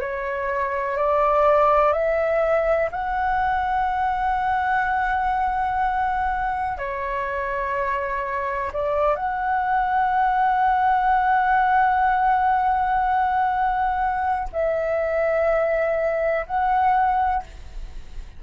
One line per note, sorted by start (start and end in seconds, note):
0.00 0.97 C#5
0.97 1.92 D5
1.92 2.89 E5
2.91 6.77 F#5
6.77 8.71 C#5
8.73 9.15 D5
9.15 14.48 F#5
14.52 16.46 E5
16.46 17.43 F#5